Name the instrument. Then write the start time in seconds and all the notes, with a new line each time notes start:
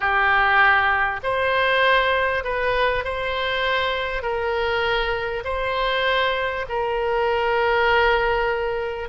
oboe
0.00 G4
1.23 C5
2.44 B4
3.04 C5
4.22 A#4
5.44 C5
6.68 A#4